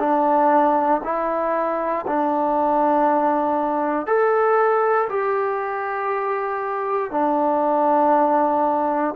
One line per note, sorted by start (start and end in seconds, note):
0.00 1.02 D4
1.04 2.06 E4
2.07 4.07 D4
4.07 5.09 A4
5.10 7.11 G4
7.11 9.15 D4